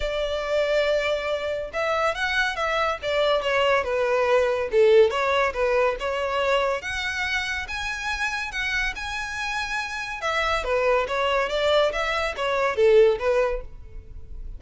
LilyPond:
\new Staff \with { instrumentName = "violin" } { \time 4/4 \tempo 4 = 141 d''1 | e''4 fis''4 e''4 d''4 | cis''4 b'2 a'4 | cis''4 b'4 cis''2 |
fis''2 gis''2 | fis''4 gis''2. | e''4 b'4 cis''4 d''4 | e''4 cis''4 a'4 b'4 | }